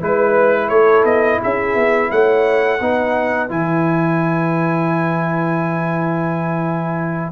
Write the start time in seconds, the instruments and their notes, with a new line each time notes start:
0.00 tuba G#3, trombone E4, horn B4, trumpet B4
0.69 tuba A3, horn A4, trumpet C#5
1.04 tuba B3, trumpet D#5
1.41 tuba C#4, horn G#4, trumpet E5
1.75 tuba B3
2.11 tuba A3, horn C#5, trumpet F#5
2.80 tuba B3, trombone D#4, horn B4
3.49 tuba E3, trombone E4, trumpet G#5